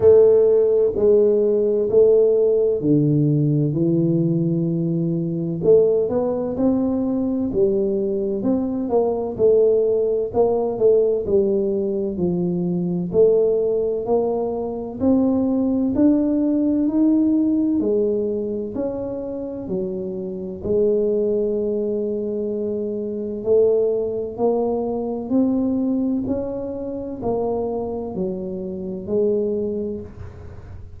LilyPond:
\new Staff \with { instrumentName = "tuba" } { \time 4/4 \tempo 4 = 64 a4 gis4 a4 d4 | e2 a8 b8 c'4 | g4 c'8 ais8 a4 ais8 a8 | g4 f4 a4 ais4 |
c'4 d'4 dis'4 gis4 | cis'4 fis4 gis2~ | gis4 a4 ais4 c'4 | cis'4 ais4 fis4 gis4 | }